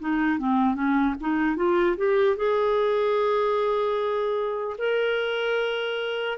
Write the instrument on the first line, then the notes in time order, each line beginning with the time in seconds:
clarinet
0.00 D#4
0.39 C4
0.75 C#4
1.21 D#4
1.57 F4
1.97 G4
2.37 G#4
4.79 A#4